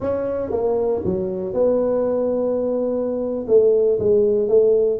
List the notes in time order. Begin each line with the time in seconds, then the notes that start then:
0.00 C#4
0.51 A#3
1.04 F#3
1.53 B3
3.47 A3
3.99 G#3
4.48 A3